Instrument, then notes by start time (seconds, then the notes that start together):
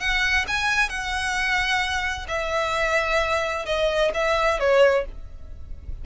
violin
0.00 F#5
0.48 G#5
0.90 F#5
2.28 E5
3.66 D#5
4.14 E5
4.60 C#5